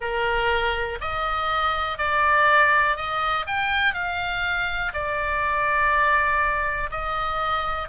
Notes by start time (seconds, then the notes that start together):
0.00 A#4
1.01 D#5
1.98 D5
2.96 D#5
3.46 G5
3.93 F5
4.93 D5
6.91 D#5